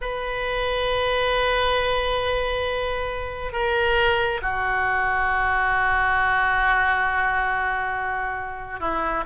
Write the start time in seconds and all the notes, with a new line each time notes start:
0.01 B4
3.52 A#4
4.42 F#4
8.80 E4